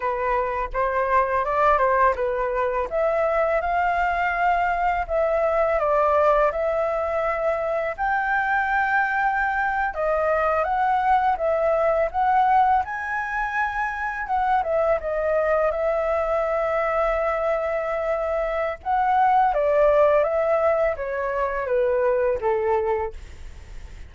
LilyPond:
\new Staff \with { instrumentName = "flute" } { \time 4/4 \tempo 4 = 83 b'4 c''4 d''8 c''8 b'4 | e''4 f''2 e''4 | d''4 e''2 g''4~ | g''4.~ g''16 dis''4 fis''4 e''16~ |
e''8. fis''4 gis''2 fis''16~ | fis''16 e''8 dis''4 e''2~ e''16~ | e''2 fis''4 d''4 | e''4 cis''4 b'4 a'4 | }